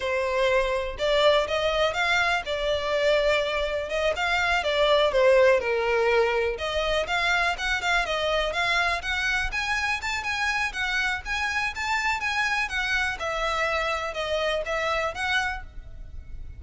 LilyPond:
\new Staff \with { instrumentName = "violin" } { \time 4/4 \tempo 4 = 123 c''2 d''4 dis''4 | f''4 d''2. | dis''8 f''4 d''4 c''4 ais'8~ | ais'4. dis''4 f''4 fis''8 |
f''8 dis''4 f''4 fis''4 gis''8~ | gis''8 a''8 gis''4 fis''4 gis''4 | a''4 gis''4 fis''4 e''4~ | e''4 dis''4 e''4 fis''4 | }